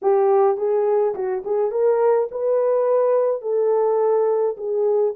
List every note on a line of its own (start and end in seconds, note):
0.02 0.57 G4
0.57 1.14 G#4
1.14 1.43 F#4
1.44 1.71 G#4
1.71 2.28 A#4
2.31 3.41 B4
3.41 4.56 A4
4.57 5.14 G#4